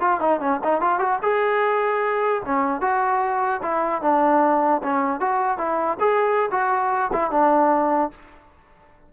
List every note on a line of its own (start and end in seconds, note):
0.00 0.20 F4
0.20 0.40 D#4
0.40 0.60 C#4
0.64 0.81 D#4
0.81 0.99 F4
0.99 1.19 F#4
1.22 2.42 G#4
2.45 2.81 C#4
2.81 3.61 F#4
3.62 4.02 E4
4.02 4.82 D4
4.83 5.20 C#4
5.20 5.58 F#4
5.58 5.98 E4
6.00 6.50 G#4
6.51 7.11 F#4
7.13 7.31 E4
7.31 8.11 D4